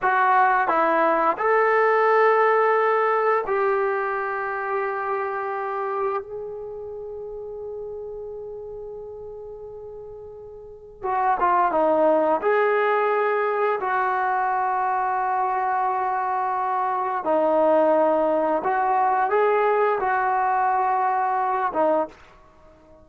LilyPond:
\new Staff \with { instrumentName = "trombone" } { \time 4/4 \tempo 4 = 87 fis'4 e'4 a'2~ | a'4 g'2.~ | g'4 gis'2.~ | gis'1 |
fis'8 f'8 dis'4 gis'2 | fis'1~ | fis'4 dis'2 fis'4 | gis'4 fis'2~ fis'8 dis'8 | }